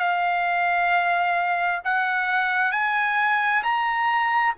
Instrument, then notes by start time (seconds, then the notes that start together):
trumpet
0.00 F5
1.85 F#5
2.72 G#5
3.64 A#5